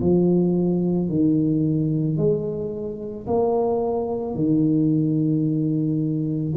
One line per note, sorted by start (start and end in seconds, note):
0.00 1.09 F3
1.09 2.17 D#3
2.17 3.26 G#3
3.27 4.35 A#3
4.35 6.53 D#3